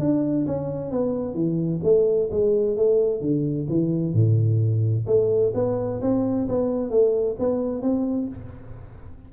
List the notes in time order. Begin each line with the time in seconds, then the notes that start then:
0.00 D4
0.47 C#4
0.91 B3
1.34 E3
1.84 A3
2.31 G#3
2.77 A3
3.21 D3
3.69 E3
4.14 A2
5.07 A3
5.55 B3
6.02 C4
6.48 B3
6.90 A3
7.40 B3
7.82 C4